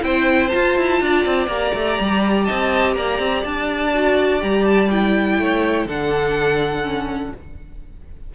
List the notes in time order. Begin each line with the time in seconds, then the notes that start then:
0.00 C4 E4 C5 G5
0.48 F4 A5
0.77 E4
1.00 D4 D5
1.25 C4
1.47 A#3 G4 A#5
1.74 A3
1.99 G3
2.44 C4 D#5 A5
2.94 A#3 D5 A#5
3.18 C4
3.44 D4 A5
3.94 F#4
4.39 G3 G4 A#5
4.65 A5
4.90 E4 G5
5.38 A3 C#5
5.85 D3 D4 A4 F#5
6.84 C#4